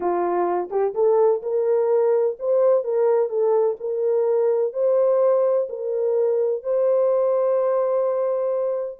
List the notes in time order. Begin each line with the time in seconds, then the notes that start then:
0.00 F4
0.70 G4
0.94 A4
1.42 A#4
2.39 C5
2.84 A#4
3.29 A4
3.80 A#4
4.73 C5
5.69 A#4
6.63 C5